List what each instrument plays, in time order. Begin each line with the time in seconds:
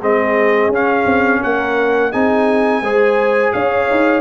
0.00 tuba G#3, trombone C4, horn G#4, trumpet D#5
0.69 tuba C#4, trombone C#4, trumpet F5
1.06 tuba C4
1.41 tuba A#3, horn A#4, trumpet F#5
2.11 tuba C4, trombone D#4, horn G#4, trumpet G#5
2.82 tuba G#3, trombone G#4, horn C5
3.53 tuba C#4, horn C#5, trumpet F5
3.91 tuba D#4